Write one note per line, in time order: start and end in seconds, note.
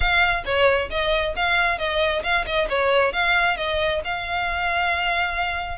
0.00 0.43 F5
0.45 0.89 C#5
0.89 1.34 D#5
1.36 1.78 F5
1.78 2.22 D#5
2.23 2.45 F5
2.45 2.68 D#5
2.69 3.12 C#5
3.12 3.56 F5
3.56 4.01 D#5
4.04 5.78 F5